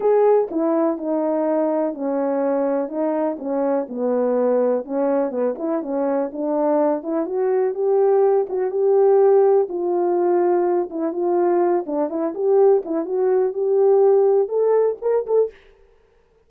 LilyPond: \new Staff \with { instrumentName = "horn" } { \time 4/4 \tempo 4 = 124 gis'4 e'4 dis'2 | cis'2 dis'4 cis'4 | b2 cis'4 b8 e'8 | cis'4 d'4. e'8 fis'4 |
g'4. fis'8 g'2 | f'2~ f'8 e'8 f'4~ | f'8 d'8 e'8 g'4 e'8 fis'4 | g'2 a'4 ais'8 a'8 | }